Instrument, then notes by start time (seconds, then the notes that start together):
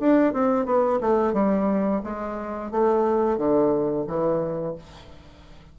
bassoon
0.00 D4
0.33 C4
0.65 B3
1.01 A3
1.33 G3
2.03 G#3
2.71 A3
3.37 D3
4.07 E3